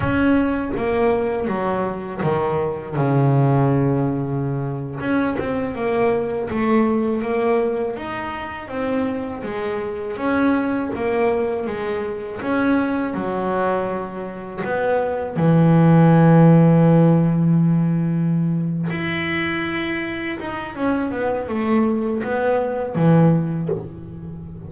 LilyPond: \new Staff \with { instrumentName = "double bass" } { \time 4/4 \tempo 4 = 81 cis'4 ais4 fis4 dis4 | cis2~ cis8. cis'8 c'8 ais16~ | ais8. a4 ais4 dis'4 c'16~ | c'8. gis4 cis'4 ais4 gis16~ |
gis8. cis'4 fis2 b16~ | b8. e2.~ e16~ | e4. e'2 dis'8 | cis'8 b8 a4 b4 e4 | }